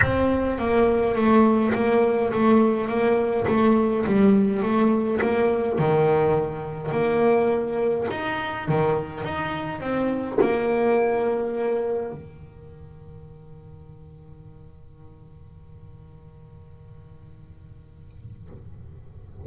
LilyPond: \new Staff \with { instrumentName = "double bass" } { \time 4/4 \tempo 4 = 104 c'4 ais4 a4 ais4 | a4 ais4 a4 g4 | a4 ais4 dis2 | ais2 dis'4 dis4 |
dis'4 c'4 ais2~ | ais4 dis2.~ | dis1~ | dis1 | }